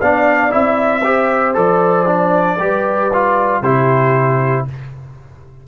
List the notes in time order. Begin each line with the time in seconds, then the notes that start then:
0.00 B3 D4 D5 F5
0.50 C4 E4 E5
1.04 G4 C5
1.54 F3 A4 D5
2.06 D4
2.59 G3 G4 B4
3.13 F4
3.61 C3 E4 G4 C5